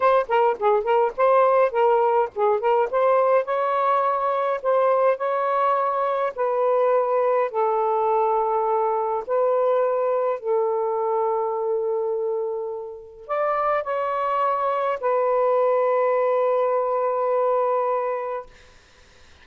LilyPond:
\new Staff \with { instrumentName = "saxophone" } { \time 4/4 \tempo 4 = 104 c''8 ais'8 gis'8 ais'8 c''4 ais'4 | gis'8 ais'8 c''4 cis''2 | c''4 cis''2 b'4~ | b'4 a'2. |
b'2 a'2~ | a'2. d''4 | cis''2 b'2~ | b'1 | }